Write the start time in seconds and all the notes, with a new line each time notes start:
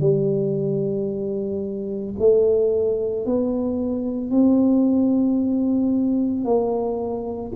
0.00 G3
2.19 A3
3.25 B3
4.31 C4
6.45 A#3